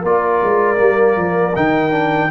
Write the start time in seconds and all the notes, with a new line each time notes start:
0.00 A#3 F4 A#4 D5
0.42 G#3
0.76 G3 A#3
1.17 F3
1.55 D#3 D#4 G5
1.91 D4